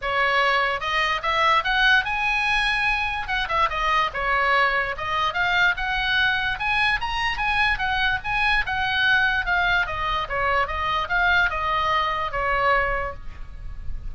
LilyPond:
\new Staff \with { instrumentName = "oboe" } { \time 4/4 \tempo 4 = 146 cis''2 dis''4 e''4 | fis''4 gis''2. | fis''8 e''8 dis''4 cis''2 | dis''4 f''4 fis''2 |
gis''4 ais''4 gis''4 fis''4 | gis''4 fis''2 f''4 | dis''4 cis''4 dis''4 f''4 | dis''2 cis''2 | }